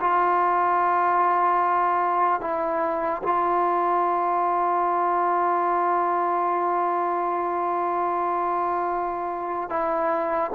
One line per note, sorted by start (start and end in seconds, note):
0.00 2.41 F4
2.41 3.22 E4
3.23 9.69 F4
9.69 10.50 E4